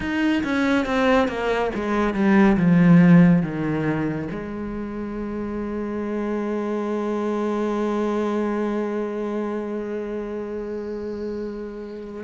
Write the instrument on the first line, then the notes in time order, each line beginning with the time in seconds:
cello
0.00 D#4
0.43 C#4
0.85 C4
1.27 A#3
1.74 G#3
2.14 G3
2.57 F3
3.42 D#3
4.31 G#3